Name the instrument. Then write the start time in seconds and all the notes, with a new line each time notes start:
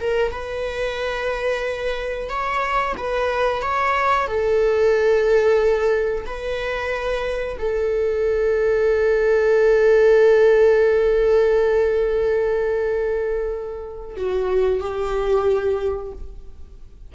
viola
0.00 A#4
0.31 B4
2.29 C#5
2.97 B4
3.61 C#5
4.27 A4
6.25 B4
7.58 A4
14.16 F#4
14.80 G4